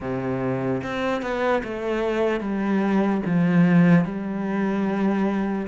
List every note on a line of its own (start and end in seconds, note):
0.00 0.81 C3
0.83 1.22 C4
1.22 1.62 B3
1.63 2.40 A3
2.40 3.21 G3
3.25 4.05 F3
4.05 5.67 G3